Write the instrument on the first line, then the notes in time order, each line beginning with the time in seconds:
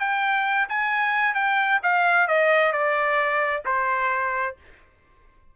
trumpet
0.00 G5
0.69 G#5
1.35 G5
1.83 F5
2.28 D#5
2.73 D5
3.66 C5